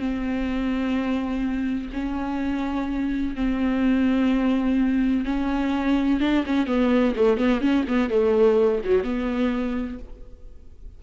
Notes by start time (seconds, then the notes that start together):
0.00 C4
1.94 C#4
3.36 C4
5.26 C#4
6.21 D4
6.47 C#4
6.67 B3
7.16 A3
7.38 B3
7.61 C#4
7.88 B3
8.10 A3
8.85 F#3
9.04 B3